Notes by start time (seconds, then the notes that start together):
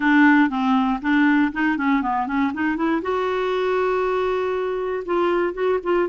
0.00 D4
0.49 C4
1.01 D4
1.52 D#4
1.77 C#4
2.02 B3
2.27 C#4
2.53 D#4
2.76 E4
3.02 F#4
5.05 F4
5.53 F#4
5.83 F4